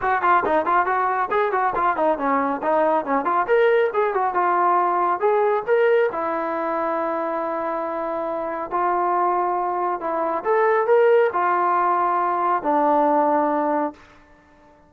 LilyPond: \new Staff \with { instrumentName = "trombone" } { \time 4/4 \tempo 4 = 138 fis'8 f'8 dis'8 f'8 fis'4 gis'8 fis'8 | f'8 dis'8 cis'4 dis'4 cis'8 f'8 | ais'4 gis'8 fis'8 f'2 | gis'4 ais'4 e'2~ |
e'1 | f'2. e'4 | a'4 ais'4 f'2~ | f'4 d'2. | }